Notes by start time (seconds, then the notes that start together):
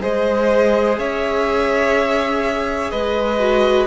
0.00 G#3 G#4 C5 D#5
0.98 C#4 C#5 E5
2.90 G#3 B4 D#5
3.39 F#4